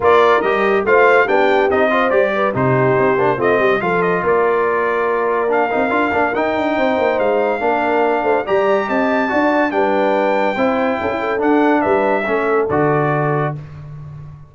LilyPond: <<
  \new Staff \with { instrumentName = "trumpet" } { \time 4/4 \tempo 4 = 142 d''4 dis''4 f''4 g''4 | dis''4 d''4 c''2 | dis''4 f''8 dis''8 d''2~ | d''4 f''2 g''4~ |
g''4 f''2. | ais''4 a''2 g''4~ | g''2. fis''4 | e''2 d''2 | }
  \new Staff \with { instrumentName = "horn" } { \time 4/4 ais'2 c''4 g'4~ | g'8 c''4 b'8 g'2 | f'8 g'8 a'4 ais'2~ | ais'1 |
c''2 ais'4. c''8 | d''4 dis''4 d''4 b'4~ | b'4 c''4 a'16 e'16 a'4. | b'4 a'2. | }
  \new Staff \with { instrumentName = "trombone" } { \time 4/4 f'4 g'4 f'4 d'4 | dis'8 f'8 g'4 dis'4. d'8 | c'4 f'2.~ | f'4 d'8 dis'8 f'8 d'8 dis'4~ |
dis'2 d'2 | g'2 fis'4 d'4~ | d'4 e'2 d'4~ | d'4 cis'4 fis'2 | }
  \new Staff \with { instrumentName = "tuba" } { \time 4/4 ais4 g4 a4 b4 | c'4 g4 c4 c'8 ais8 | a8 g8 f4 ais2~ | ais4. c'8 d'8 ais8 dis'8 d'8 |
c'8 ais8 gis4 ais4. a8 | g4 c'4 d'4 g4~ | g4 c'4 cis'4 d'4 | g4 a4 d2 | }
>>